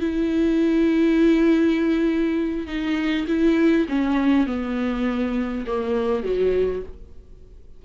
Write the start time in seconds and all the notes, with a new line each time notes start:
0.00 E4
2.67 D#4
3.27 E4
3.89 C#4
4.47 B3
5.66 A#3
6.23 F#3